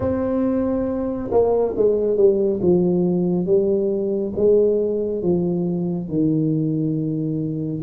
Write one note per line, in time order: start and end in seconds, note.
0.00 1.30 C4
1.30 1.74 A#3
1.76 2.16 G#3
2.16 2.60 G3
2.62 3.45 F3
3.45 4.32 G3
4.36 5.22 G#3
5.22 6.08 F3
6.08 7.82 D#3